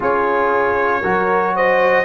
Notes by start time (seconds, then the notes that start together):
0.00 C#4 F4 G#4 C#5
1.01 F#3 F#4 A#4
1.55 C5 D#5